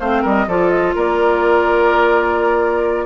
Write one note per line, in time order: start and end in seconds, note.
0.00 0.24 A3
0.00 0.48 C4
0.00 0.22 C5
0.00 0.24 F5
0.22 0.47 G3
0.22 0.46 A#4
0.22 0.49 D#5
0.47 0.95 F3
0.47 3.06 F4
0.47 0.95 A4
0.47 0.69 D5
0.69 0.93 D#5
0.96 3.06 A#3
0.96 3.06 A#4
0.96 3.06 D5